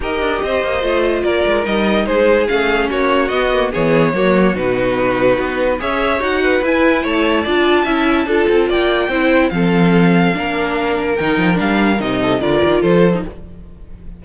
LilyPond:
<<
  \new Staff \with { instrumentName = "violin" } { \time 4/4 \tempo 4 = 145 dis''2. d''4 | dis''4 c''4 f''4 cis''4 | dis''4 cis''2 b'4~ | b'2 e''4 fis''4 |
gis''4 a''2.~ | a''4 g''2 f''4~ | f''2. g''4 | f''4 dis''4 d''4 c''4 | }
  \new Staff \with { instrumentName = "violin" } { \time 4/4 ais'4 c''2 ais'4~ | ais'4 gis'2 fis'4~ | fis'4 gis'4 fis'2~ | fis'2 cis''4. b'8~ |
b'4 cis''4 d''4 e''4 | a'4 d''4 c''4 a'4~ | a'4 ais'2.~ | ais'4. a'8 ais'4 a'4 | }
  \new Staff \with { instrumentName = "viola" } { \time 4/4 g'2 f'2 | dis'2 cis'2 | b8 ais8 b4 ais4 dis'4~ | dis'2 gis'4 fis'4 |
e'2 f'4 e'4 | f'2 e'4 c'4~ | c'4 d'2 dis'4 | d'4 dis'4 f'4.~ f'16 dis'16 | }
  \new Staff \with { instrumentName = "cello" } { \time 4/4 dis'8 d'8 c'8 ais8 a4 ais8 gis8 | g4 gis4 a4 ais4 | b4 e4 fis4 b,4~ | b,4 b4 cis'4 dis'4 |
e'4 a4 d'4 cis'4 | d'8 c'8 ais4 c'4 f4~ | f4 ais2 dis8 f8 | g4 c4 d8 dis8 f4 | }
>>